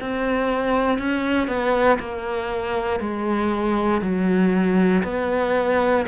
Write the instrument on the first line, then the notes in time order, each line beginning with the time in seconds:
cello
0.00 C4
0.98 C#4
1.47 B3
1.99 A#3
3.00 G#3
4.01 F#3
5.03 B3